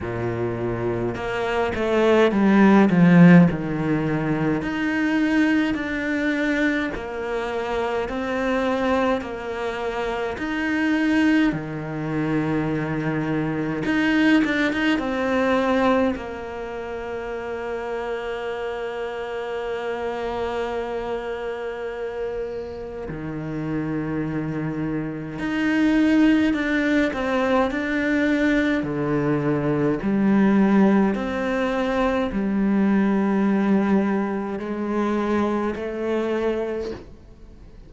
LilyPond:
\new Staff \with { instrumentName = "cello" } { \time 4/4 \tempo 4 = 52 ais,4 ais8 a8 g8 f8 dis4 | dis'4 d'4 ais4 c'4 | ais4 dis'4 dis2 | dis'8 d'16 dis'16 c'4 ais2~ |
ais1 | dis2 dis'4 d'8 c'8 | d'4 d4 g4 c'4 | g2 gis4 a4 | }